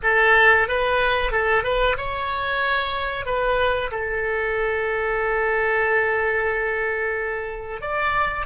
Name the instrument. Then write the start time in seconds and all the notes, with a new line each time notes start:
oboe
0.02 A4
0.68 B4
1.31 A4
1.63 B4
1.97 C#5
3.25 B4
3.91 A4
7.81 D5